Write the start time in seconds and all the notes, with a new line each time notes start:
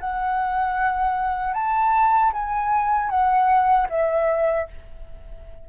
0.00 F#5
1.54 A5
2.33 G#5
3.10 F#5
3.90 E5